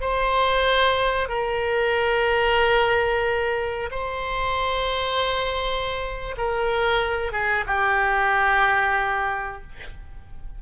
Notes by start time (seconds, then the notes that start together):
0.00 C5
1.28 A#4
3.90 C5
6.37 A#4
7.32 G#4
7.66 G4